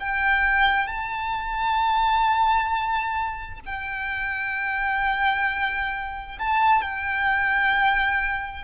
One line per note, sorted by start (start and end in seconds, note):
0.00 0.88 G5
0.88 3.60 A5
3.66 6.39 G5
6.39 6.82 A5
6.82 8.64 G5